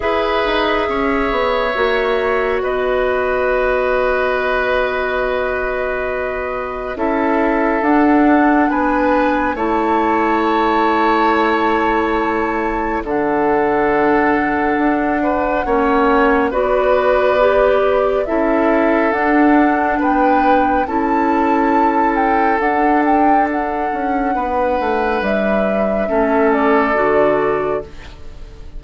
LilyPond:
<<
  \new Staff \with { instrumentName = "flute" } { \time 4/4 \tempo 4 = 69 e''2. dis''4~ | dis''1 | e''4 fis''4 gis''4 a''4~ | a''2. fis''4~ |
fis''2. d''4~ | d''4 e''4 fis''4 g''4 | a''4. g''8 fis''8 g''8 fis''4~ | fis''4 e''4. d''4. | }
  \new Staff \with { instrumentName = "oboe" } { \time 4/4 b'4 cis''2 b'4~ | b'1 | a'2 b'4 cis''4~ | cis''2. a'4~ |
a'4. b'8 cis''4 b'4~ | b'4 a'2 b'4 | a'1 | b'2 a'2 | }
  \new Staff \with { instrumentName = "clarinet" } { \time 4/4 gis'2 fis'2~ | fis'1 | e'4 d'2 e'4~ | e'2. d'4~ |
d'2 cis'4 fis'4 | g'4 e'4 d'2 | e'2 d'2~ | d'2 cis'4 fis'4 | }
  \new Staff \with { instrumentName = "bassoon" } { \time 4/4 e'8 dis'8 cis'8 b8 ais4 b4~ | b1 | cis'4 d'4 b4 a4~ | a2. d4~ |
d4 d'4 ais4 b4~ | b4 cis'4 d'4 b4 | cis'2 d'4. cis'8 | b8 a8 g4 a4 d4 | }
>>